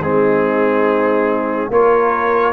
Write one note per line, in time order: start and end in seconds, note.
0.00 1.69 G#3
0.00 1.72 C4
0.00 1.71 D#4
0.00 1.72 G#4
1.70 2.53 A#3
1.70 2.53 F4
1.70 2.53 A#4
1.70 2.53 C#5